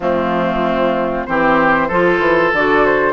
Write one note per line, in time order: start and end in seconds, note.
0.00 1.24 F3
0.00 1.27 A3
0.00 1.27 C4
0.00 1.25 F4
1.25 1.90 E3
1.25 1.90 C4
1.25 1.88 G4
1.25 2.52 C5
1.88 2.19 F3
1.88 2.54 F4
1.88 3.13 A4
2.19 2.50 E3
2.52 3.13 D3
2.52 3.13 F#4
2.52 2.85 D5
2.85 3.13 C5